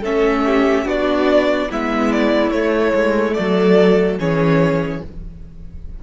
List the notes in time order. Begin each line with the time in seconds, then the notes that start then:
0.00 A3 C#4 A4 E5
0.45 G4
0.86 B3 D4 F#4 D5
1.70 G#3 B3 E4 E5
2.12 D5
2.51 A3 C#5
2.94 G#3
3.34 F#3 A4 D5
4.19 E3 C#4 G#4 C#5